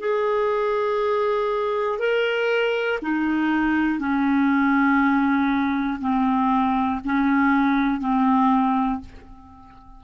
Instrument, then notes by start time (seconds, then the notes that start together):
clarinet
0.00 G#4
1.99 A#4
3.02 D#4
3.99 C#4
6.00 C4
7.05 C#4
8.00 C4